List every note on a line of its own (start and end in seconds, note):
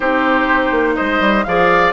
0.00 0.71 C4
0.00 1.44 D#4
0.00 0.94 G4
0.00 0.95 C5
0.71 0.95 A#3
0.95 1.20 G#3
0.95 1.45 C5
0.95 1.44 D#5
1.20 1.44 G3
1.44 1.93 F3
1.44 1.93 G#4
1.44 1.93 D5
1.44 1.92 F5